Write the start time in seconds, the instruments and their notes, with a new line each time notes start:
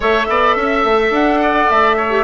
0.00 bassoon A3, clarinet A4, oboe C#5, flute E5
0.28 bassoon B3, oboe D5
0.56 bassoon C#4, oboe E5
0.84 bassoon A3
1.10 bassoon D4, flute F#5
1.41 oboe D5
1.69 bassoon A3, flute E5
1.96 oboe C#5
2.10 clarinet G4